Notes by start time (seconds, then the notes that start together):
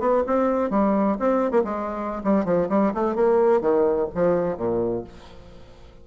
0.00 B3
0.27 C4
0.71 G3
1.20 C4
1.51 A#3
1.64 G#3
2.24 G3
2.45 F3
2.69 G3
2.95 A3
3.16 A#3
3.61 D#3
4.15 F3
4.57 A#2